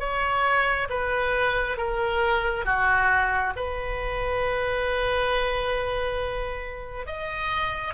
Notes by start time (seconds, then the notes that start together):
0.00 C#5
0.90 B4
1.78 A#4
2.66 F#4
3.57 B4
7.07 D#5